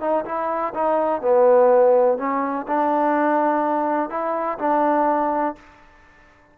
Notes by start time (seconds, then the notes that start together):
0.00 D#4
0.25 E4
0.74 D#4
1.21 B3
2.18 C#4
2.67 D4
4.10 E4
4.58 D4